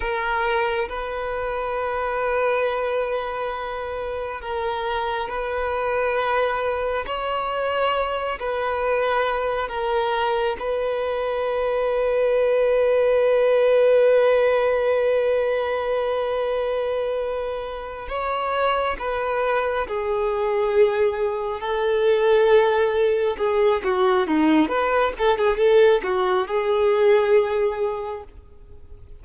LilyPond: \new Staff \with { instrumentName = "violin" } { \time 4/4 \tempo 4 = 68 ais'4 b'2.~ | b'4 ais'4 b'2 | cis''4. b'4. ais'4 | b'1~ |
b'1~ | b'8 cis''4 b'4 gis'4.~ | gis'8 a'2 gis'8 fis'8 dis'8 | b'8 a'16 gis'16 a'8 fis'8 gis'2 | }